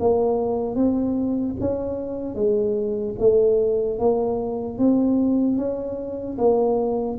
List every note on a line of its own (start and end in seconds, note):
0.00 0.76 A#3
0.76 1.56 C4
1.60 2.35 C#4
2.35 3.15 G#3
3.19 3.99 A3
3.99 4.78 A#3
4.78 5.57 C4
5.57 6.37 C#4
6.38 7.18 A#3